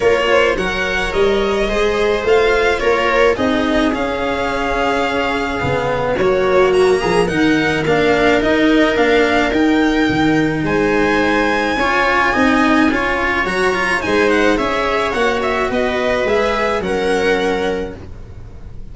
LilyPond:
<<
  \new Staff \with { instrumentName = "violin" } { \time 4/4 \tempo 4 = 107 cis''4 fis''4 dis''2 | f''4 cis''4 dis''4 f''4~ | f''2. cis''4 | ais''4 fis''4 f''4 dis''4 |
f''4 g''2 gis''4~ | gis''1 | ais''4 gis''8 fis''8 e''4 fis''8 e''8 | dis''4 e''4 fis''2 | }
  \new Staff \with { instrumentName = "viola" } { \time 4/4 ais'8 c''8 cis''2 c''4~ | c''4 ais'4 gis'2~ | gis'2. fis'4~ | fis'8 gis'8 ais'2.~ |
ais'2. c''4~ | c''4 cis''4 dis''4 cis''4~ | cis''4 c''4 cis''2 | b'2 ais'2 | }
  \new Staff \with { instrumentName = "cello" } { \time 4/4 f'4 ais'2 gis'4 | f'2 dis'4 cis'4~ | cis'2 b4 ais4~ | ais4 dis'4 d'4 dis'4 |
d'4 dis'2.~ | dis'4 f'4 dis'4 f'4 | fis'8 f'8 dis'4 gis'4 fis'4~ | fis'4 gis'4 cis'2 | }
  \new Staff \with { instrumentName = "tuba" } { \time 4/4 ais4 fis4 g4 gis4 | a4 ais4 c'4 cis'4~ | cis'2 cis4 fis4~ | fis8 f8 dis4 ais4 dis'4 |
ais4 dis'4 dis4 gis4~ | gis4 cis'4 c'4 cis'4 | fis4 gis4 cis'4 ais4 | b4 gis4 fis2 | }
>>